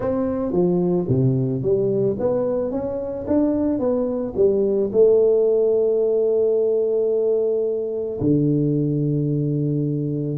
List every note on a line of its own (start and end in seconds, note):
0.00 0.52 C4
0.52 1.06 F3
1.08 1.62 C3
1.62 2.16 G3
2.19 2.71 B3
2.71 3.26 C#4
3.27 3.79 D4
3.79 4.33 B3
4.36 4.90 G3
4.92 8.19 A3
8.20 10.38 D3